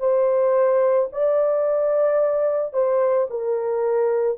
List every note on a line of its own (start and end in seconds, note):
0.00 1.09 C5
1.13 2.74 D5
2.74 3.28 C5
3.30 4.39 A#4